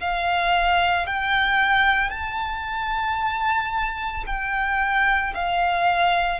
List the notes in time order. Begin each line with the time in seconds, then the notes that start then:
0.00 F5
1.06 G5
2.10 A5
4.26 G5
5.34 F5